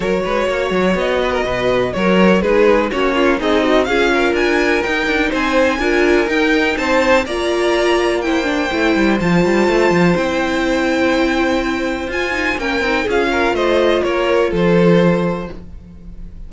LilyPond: <<
  \new Staff \with { instrumentName = "violin" } { \time 4/4 \tempo 4 = 124 cis''2 dis''2 | cis''4 b'4 cis''4 dis''4 | f''4 gis''4 g''4 gis''4~ | gis''4 g''4 a''4 ais''4~ |
ais''4 g''2 a''4~ | a''4 g''2.~ | g''4 gis''4 g''4 f''4 | dis''4 cis''4 c''2 | }
  \new Staff \with { instrumentName = "violin" } { \time 4/4 ais'8 b'8 cis''4. b'16 ais'16 b'4 | ais'4 gis'4 fis'8 f'8 dis'4 | gis'8 ais'2~ ais'8 c''4 | ais'2 c''4 d''4~ |
d''4 c''2.~ | c''1~ | c''2 ais'4 gis'8 ais'8 | c''4 ais'4 a'2 | }
  \new Staff \with { instrumentName = "viola" } { \time 4/4 fis'1~ | fis'4 dis'4 cis'4 gis'8 fis'8 | f'2 dis'2 | f'4 dis'2 f'4~ |
f'4 e'8 d'8 e'4 f'4~ | f'4 e'2.~ | e'4 f'8 dis'8 cis'8 dis'8 f'4~ | f'1 | }
  \new Staff \with { instrumentName = "cello" } { \time 4/4 fis8 gis8 ais8 fis8 b4 b,4 | fis4 gis4 ais4 c'4 | cis'4 d'4 dis'8 d'8 c'4 | d'4 dis'4 c'4 ais4~ |
ais2 a8 g8 f8 g8 | a8 f8 c'2.~ | c'4 f'4 ais8 c'8 cis'4 | a4 ais4 f2 | }
>>